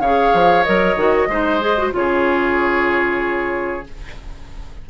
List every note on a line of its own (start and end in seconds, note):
0.00 0.32 C#3
0.00 0.65 G#4
0.00 1.29 C#5
0.00 0.64 F5
0.34 0.66 F3
0.64 0.96 F#3
0.64 0.97 A#4
0.64 1.91 D#5
0.96 1.28 D#3
0.96 1.29 F#4
1.28 1.92 G#3
1.28 1.61 D#4
1.28 1.94 C5
1.61 1.76 G#4
1.77 1.92 F#4
1.92 3.86 C#3
1.92 3.84 F4
1.92 3.90 G#4
1.92 3.87 C#5